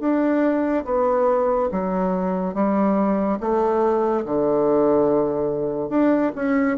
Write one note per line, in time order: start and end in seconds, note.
0.00 0.85 D4
0.85 1.70 B3
1.72 2.55 F#3
2.55 3.39 G3
3.40 4.25 A3
4.26 5.90 D3
5.90 6.32 D4
6.36 6.78 C#4